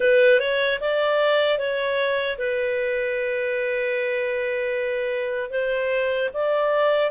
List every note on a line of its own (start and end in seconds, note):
0.00 0.39 B4
0.39 0.79 C#5
0.80 1.58 D5
1.58 2.37 C#5
2.38 5.50 B4
5.50 6.29 C5
6.33 7.11 D5